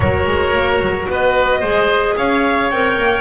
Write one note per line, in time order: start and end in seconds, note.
0.00 0.26 F#3
0.00 1.63 F#4
0.00 1.09 A#4
0.00 1.08 C#5
0.26 0.53 G#3
0.53 0.80 A#3
0.81 1.08 F#3
1.08 1.62 B3
1.08 1.60 B4
1.08 2.16 D#5
1.60 2.16 G#3
1.60 2.72 G#4
1.60 2.14 C5
2.16 2.70 C#4
2.16 3.20 C#5
2.16 2.70 F5
2.70 2.97 C4
2.70 3.20 A#4
2.70 3.20 G5
2.97 3.20 A#3